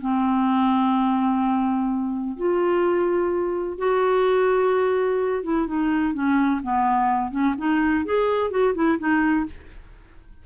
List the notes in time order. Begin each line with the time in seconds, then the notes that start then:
0.00 C4
2.36 F4
3.78 F#4
5.43 E4
5.67 D#4
6.14 C#4
6.63 B3
7.31 C#4
7.58 D#4
8.05 G#4
8.50 F#4
8.74 E4
8.98 D#4